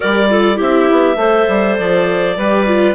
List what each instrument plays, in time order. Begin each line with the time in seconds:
0.00 bassoon G3, viola G4, clarinet A#4 D5
0.29 viola F4, clarinet A4
0.56 bassoon C4, viola E4, clarinet G4 E5
0.91 bassoon B3
1.16 bassoon A3, viola A4, clarinet C5
1.48 bassoon G3
1.77 bassoon F3, clarinet D5
2.36 bassoon G3, viola G4, clarinet B4
2.67 viola F4